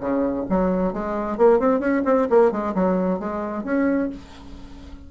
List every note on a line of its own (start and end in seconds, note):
0.00 0.45 C#3
0.49 0.93 F#3
0.93 1.38 G#3
1.38 1.59 A#3
1.59 1.80 C4
1.80 2.02 C#4
2.05 2.28 C4
2.30 2.51 A#3
2.51 2.74 G#3
2.75 3.19 F#3
3.19 3.64 G#3
3.64 4.09 C#4